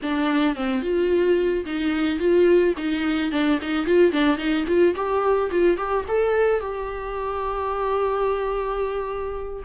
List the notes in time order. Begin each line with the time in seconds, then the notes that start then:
0.02 D4
0.55 C4
0.82 F4
1.65 D#4
2.19 F4
2.77 D#4
3.31 D4
3.61 D#4
3.86 F4
4.11 D4
4.37 D#4
4.67 F4
4.95 G4
5.50 F4
5.77 G4
6.08 A4
6.60 G4